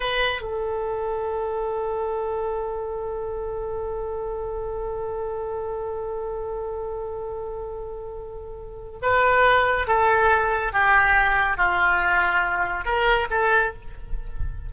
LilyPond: \new Staff \with { instrumentName = "oboe" } { \time 4/4 \tempo 4 = 140 b'4 a'2.~ | a'1~ | a'1~ | a'1~ |
a'1~ | a'4 b'2 a'4~ | a'4 g'2 f'4~ | f'2 ais'4 a'4 | }